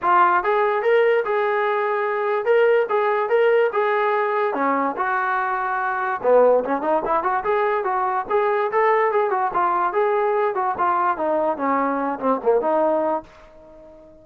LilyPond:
\new Staff \with { instrumentName = "trombone" } { \time 4/4 \tempo 4 = 145 f'4 gis'4 ais'4 gis'4~ | gis'2 ais'4 gis'4 | ais'4 gis'2 cis'4 | fis'2. b4 |
cis'8 dis'8 e'8 fis'8 gis'4 fis'4 | gis'4 a'4 gis'8 fis'8 f'4 | gis'4. fis'8 f'4 dis'4 | cis'4. c'8 ais8 dis'4. | }